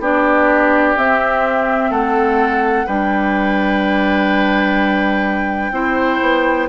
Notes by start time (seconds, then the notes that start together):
0.00 B3 D4 G4 D5
0.97 C4 E5
1.91 A3 A4 F#5
2.87 G3 D4 B4 G5
5.71 C4 E4 C5
6.22 B3